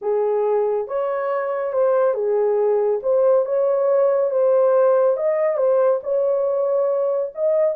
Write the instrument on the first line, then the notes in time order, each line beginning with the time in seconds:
horn
0.01 G#4
0.87 C#5
1.73 C5
2.14 G#4
3.02 C5
3.45 C#5
4.30 C5
5.16 D#5
5.57 C5
6.03 C#5
7.34 D#5